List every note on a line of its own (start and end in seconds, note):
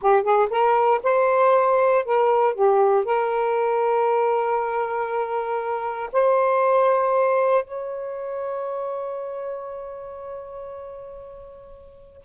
0.01 0.22 G4
0.22 0.48 G#4
0.49 1.00 A#4
1.03 2.04 C5
2.05 2.54 A#4
2.54 3.05 G4
3.05 6.10 A#4
6.12 7.64 C5
7.64 12.21 C#5